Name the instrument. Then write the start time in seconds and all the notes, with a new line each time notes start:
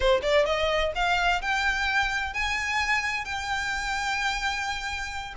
violin
0.00 C5
0.22 D5
0.45 D#5
0.95 F5
1.41 G5
2.33 G#5
3.24 G5